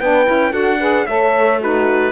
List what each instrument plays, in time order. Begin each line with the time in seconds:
0.00 cello B3, saxophone D4, horn B4, trumpet G5
0.26 cello C#4, saxophone E4
0.51 cello D4, saxophone F#4, horn A4, trumpet F#5
0.80 saxophone G#4, horn B4
1.06 cello A3, saxophone A4, horn C#5, trumpet E5
1.60 saxophone D#4, horn F#4, trumpet B4